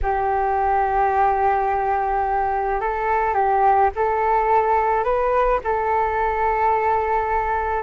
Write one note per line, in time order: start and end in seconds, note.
0.02 2.80 G4
2.80 3.34 A4
3.34 3.90 G4
3.95 5.04 A4
5.04 5.60 B4
5.64 7.82 A4